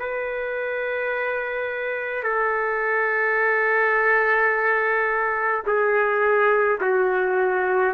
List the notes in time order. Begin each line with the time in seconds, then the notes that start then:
0.00 B4
2.24 A4
5.67 G#4
6.81 F#4